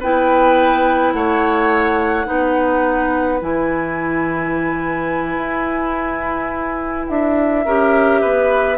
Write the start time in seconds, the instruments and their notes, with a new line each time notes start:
0.00 bassoon B3, clarinet E4, oboe B4, flute G5
1.13 bassoon A3, oboe C#5, flute F#5
2.26 bassoon B3, clarinet D#4, oboe B4
3.41 bassoon E3, clarinet E4, flute G#5
5.37 bassoon E4
7.08 bassoon D4, flute E5
7.65 bassoon C#4, clarinet G4, oboe A#4
8.21 bassoon B3, oboe B4